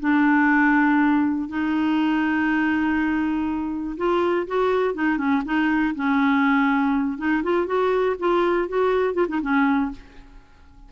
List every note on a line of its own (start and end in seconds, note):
0.00 1.49 D4
1.49 3.97 D#4
3.98 4.47 F4
4.47 4.95 F#4
4.95 5.18 D#4
5.18 5.43 C#4
5.45 5.95 D#4
5.95 7.18 C#4
7.18 7.43 D#4
7.43 7.67 F4
7.67 8.16 F#4
8.19 8.68 F4
8.68 9.14 F#4
9.14 9.27 F4
9.29 9.41 D#4
9.42 9.91 C#4